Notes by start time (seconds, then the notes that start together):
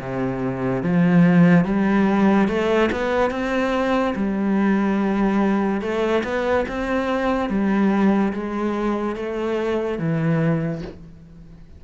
0.00 C3
0.83 F3
1.65 G3
2.48 A3
2.92 B3
3.31 C4
4.16 G3
5.81 A3
6.24 B3
6.69 C4
7.50 G3
8.33 G#3
9.16 A3
9.99 E3